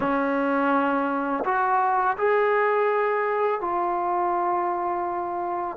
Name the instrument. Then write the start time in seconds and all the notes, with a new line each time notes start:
trombone
0.00 C#4
1.44 F#4
2.17 G#4
3.60 F4